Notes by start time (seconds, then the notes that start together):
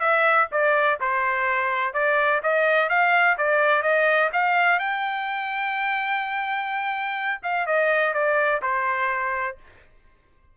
0.00 E5
0.52 D5
1.00 C5
1.94 D5
2.43 D#5
2.89 F5
3.38 D5
3.82 D#5
4.33 F5
4.79 G5
7.43 F5
7.66 D#5
8.14 D5
8.62 C5